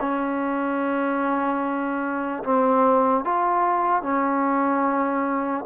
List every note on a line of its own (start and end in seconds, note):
0.00 2.43 C#4
2.44 3.24 C4
3.24 4.02 F4
4.02 5.65 C#4